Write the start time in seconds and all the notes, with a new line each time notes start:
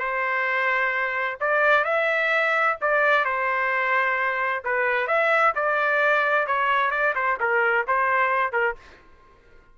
0.00 C5
1.41 D5
1.85 E5
2.81 D5
3.25 C5
4.64 B4
5.07 E5
5.55 D5
6.47 C#5
6.91 D5
7.16 C5
7.40 A#4
7.88 C5
8.53 A#4